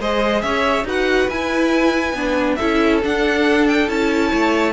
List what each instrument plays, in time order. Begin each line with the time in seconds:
0.00 cello G#3, viola G#4, violin C5 D#5
0.42 cello C#4, violin C#5 E5
0.85 cello D#4, viola F#4, violin B4 F#5
1.29 cello E4, viola E4, violin G#5
2.13 cello B3, viola D4
2.56 cello C#4, viola E4, violin A4 E5
3.02 viola D4, cello D4, violin F#5
3.68 violin G5
3.87 cello C#4, viola E4, violin A5
4.30 cello A3, violin C#5